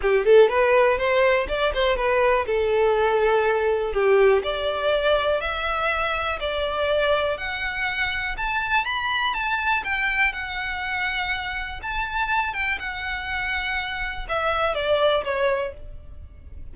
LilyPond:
\new Staff \with { instrumentName = "violin" } { \time 4/4 \tempo 4 = 122 g'8 a'8 b'4 c''4 d''8 c''8 | b'4 a'2. | g'4 d''2 e''4~ | e''4 d''2 fis''4~ |
fis''4 a''4 b''4 a''4 | g''4 fis''2. | a''4. g''8 fis''2~ | fis''4 e''4 d''4 cis''4 | }